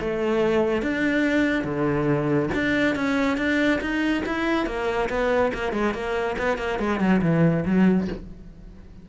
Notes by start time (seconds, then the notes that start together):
0.00 A3
0.82 D4
1.64 D3
2.54 D4
2.95 C#4
3.37 D4
3.81 D#4
4.26 E4
4.66 A#3
5.09 B3
5.54 A#3
5.73 G#3
5.94 A#3
6.38 B3
6.58 A#3
6.79 G#3
6.99 F#3
7.22 E3
7.65 F#3